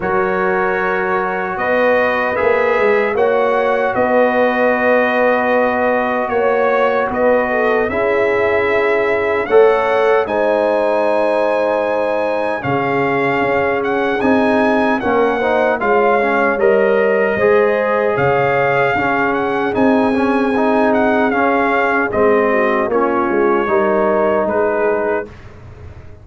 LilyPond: <<
  \new Staff \with { instrumentName = "trumpet" } { \time 4/4 \tempo 4 = 76 cis''2 dis''4 e''4 | fis''4 dis''2. | cis''4 dis''4 e''2 | fis''4 gis''2. |
f''4. fis''8 gis''4 fis''4 | f''4 dis''2 f''4~ | f''8 fis''8 gis''4. fis''8 f''4 | dis''4 cis''2 b'4 | }
  \new Staff \with { instrumentName = "horn" } { \time 4/4 ais'2 b'2 | cis''4 b'2. | cis''4 b'8 a'8 gis'2 | cis''4 c''2. |
gis'2. ais'8 c''8 | cis''2 c''4 cis''4 | gis'1~ | gis'8 fis'8 f'4 ais'4 gis'4 | }
  \new Staff \with { instrumentName = "trombone" } { \time 4/4 fis'2. gis'4 | fis'1~ | fis'2 e'2 | a'4 dis'2. |
cis'2 dis'4 cis'8 dis'8 | f'8 cis'8 ais'4 gis'2 | cis'4 dis'8 cis'8 dis'4 cis'4 | c'4 cis'4 dis'2 | }
  \new Staff \with { instrumentName = "tuba" } { \time 4/4 fis2 b4 ais8 gis8 | ais4 b2. | ais4 b4 cis'2 | a4 gis2. |
cis4 cis'4 c'4 ais4 | gis4 g4 gis4 cis4 | cis'4 c'2 cis'4 | gis4 ais8 gis8 g4 gis4 | }
>>